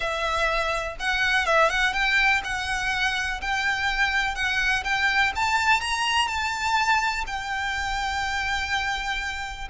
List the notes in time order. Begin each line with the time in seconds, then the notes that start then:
0.00 E5
0.99 F#5
1.46 E5
1.69 F#5
1.93 G5
2.44 F#5
3.41 G5
4.35 F#5
4.83 G5
5.35 A5
5.80 A#5
6.27 A5
7.26 G5